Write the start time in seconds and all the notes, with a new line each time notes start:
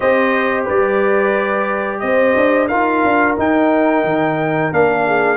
0.00 C4 G4 C5 D#5
0.65 G3 B4 D5
1.99 C4 C5 D#5
2.36 D4
2.67 D#4 F4 A#4 F5
3.04 D4
3.37 D#4 G5
4.04 D#3
4.71 A#3 D4 F5
5.06 G#4